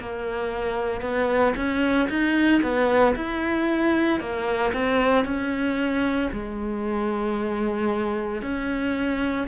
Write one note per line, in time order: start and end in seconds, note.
0.00 1.01 A#3
1.01 1.54 B3
1.56 2.09 C#4
2.09 2.62 D#4
2.62 3.15 B3
3.15 4.20 E4
4.20 4.72 A#3
4.73 5.25 C4
5.25 6.30 C#4
6.33 8.42 G#3
8.42 9.47 C#4